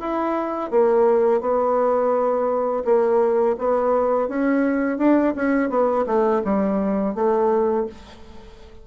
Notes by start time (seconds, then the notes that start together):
0.00 E4
0.71 A#3
1.41 B3
2.85 A#3
3.58 B3
4.29 C#4
4.98 D4
5.36 C#4
5.70 B3
6.06 A3
6.45 G3
7.15 A3